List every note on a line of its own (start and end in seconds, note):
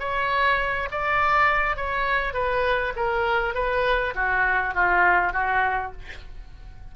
0.00 0.89 C#5
0.92 1.77 D5
1.77 2.34 C#5
2.34 2.94 B4
2.96 3.55 A#4
3.55 4.14 B4
4.15 4.75 F#4
4.75 5.33 F4
5.33 5.92 F#4